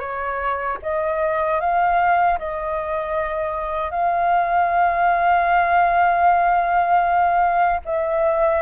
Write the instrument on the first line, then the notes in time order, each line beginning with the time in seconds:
flute
0.00 C#5
0.83 D#5
1.60 F5
2.39 D#5
3.91 F5
7.85 E5